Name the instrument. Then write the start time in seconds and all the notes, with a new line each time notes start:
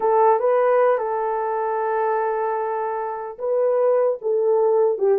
horn
0.00 A4
0.39 B4
0.98 A4
3.38 B4
4.21 A4
4.98 G4